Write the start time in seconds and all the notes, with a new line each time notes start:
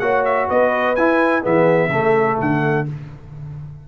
0.00 A#3 F#4 C#5 F#5
0.25 E5
0.48 B3 B4 D#5
0.96 E4 G#5
1.43 E3 B3 G#4 E5
1.89 C#3 A3 A4
2.41 D3 F#5